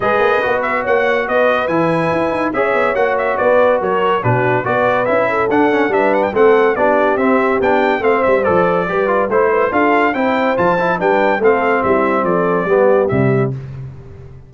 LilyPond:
<<
  \new Staff \with { instrumentName = "trumpet" } { \time 4/4 \tempo 4 = 142 dis''4. e''8 fis''4 dis''4 | gis''2 e''4 fis''8 e''8 | d''4 cis''4 b'4 d''4 | e''4 fis''4 e''8 fis''16 g''16 fis''4 |
d''4 e''4 g''4 f''8 e''8 | d''2 c''4 f''4 | g''4 a''4 g''4 f''4 | e''4 d''2 e''4 | }
  \new Staff \with { instrumentName = "horn" } { \time 4/4 b'2 cis''4 b'4~ | b'2 cis''2 | b'4 ais'4 fis'4 b'4~ | b'8 a'4. b'4 a'4 |
g'2. c''4~ | c''4 b'4 c''8 b'8 a'4 | c''2 b'4 a'4 | e'4 a'4 g'2 | }
  \new Staff \with { instrumentName = "trombone" } { \time 4/4 gis'4 fis'2. | e'2 gis'4 fis'4~ | fis'2 d'4 fis'4 | e'4 d'8 cis'8 d'4 c'4 |
d'4 c'4 d'4 c'4 | a'4 g'8 f'8 e'4 f'4 | e'4 f'8 e'8 d'4 c'4~ | c'2 b4 g4 | }
  \new Staff \with { instrumentName = "tuba" } { \time 4/4 gis8 ais8 b4 ais4 b4 | e4 e'8 dis'8 cis'8 b8 ais4 | b4 fis4 b,4 b4 | cis'4 d'4 g4 a4 |
b4 c'4 b4 a8 g8 | f4 g4 a4 d'4 | c'4 f4 g4 a4 | g4 f4 g4 c4 | }
>>